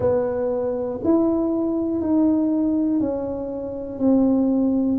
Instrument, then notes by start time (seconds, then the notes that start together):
tuba
0.00 B3
1.04 E4
2.00 D#4
3.00 C#4
3.99 C4